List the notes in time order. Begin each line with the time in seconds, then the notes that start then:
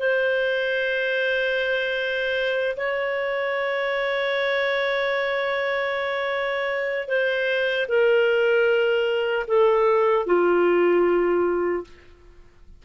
0.00 C5
2.77 C#5
7.08 C5
7.89 A#4
9.48 A4
10.27 F4